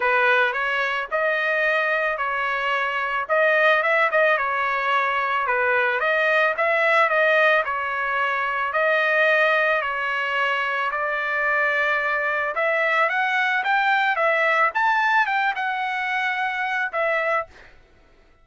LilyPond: \new Staff \with { instrumentName = "trumpet" } { \time 4/4 \tempo 4 = 110 b'4 cis''4 dis''2 | cis''2 dis''4 e''8 dis''8 | cis''2 b'4 dis''4 | e''4 dis''4 cis''2 |
dis''2 cis''2 | d''2. e''4 | fis''4 g''4 e''4 a''4 | g''8 fis''2~ fis''8 e''4 | }